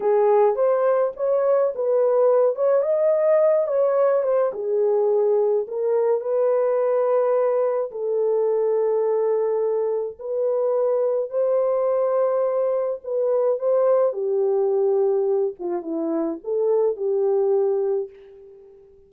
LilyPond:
\new Staff \with { instrumentName = "horn" } { \time 4/4 \tempo 4 = 106 gis'4 c''4 cis''4 b'4~ | b'8 cis''8 dis''4. cis''4 c''8 | gis'2 ais'4 b'4~ | b'2 a'2~ |
a'2 b'2 | c''2. b'4 | c''4 g'2~ g'8 f'8 | e'4 a'4 g'2 | }